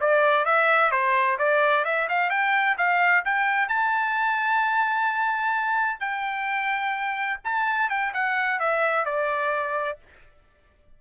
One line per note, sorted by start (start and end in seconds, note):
0.00 0.45 D5
0.45 0.91 E5
0.91 1.37 C5
1.38 1.85 D5
1.85 2.08 E5
2.08 2.30 F5
2.30 2.76 G5
2.77 3.24 F5
3.25 3.68 G5
3.68 6.00 A5
6.00 7.39 G5
7.44 7.89 A5
7.89 8.13 G5
8.13 8.59 F#5
8.59 9.05 E5
9.05 9.98 D5